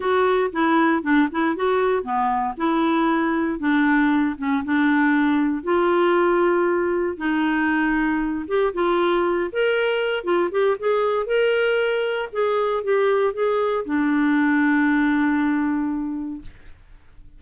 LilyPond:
\new Staff \with { instrumentName = "clarinet" } { \time 4/4 \tempo 4 = 117 fis'4 e'4 d'8 e'8 fis'4 | b4 e'2 d'4~ | d'8 cis'8 d'2 f'4~ | f'2 dis'2~ |
dis'8 g'8 f'4. ais'4. | f'8 g'8 gis'4 ais'2 | gis'4 g'4 gis'4 d'4~ | d'1 | }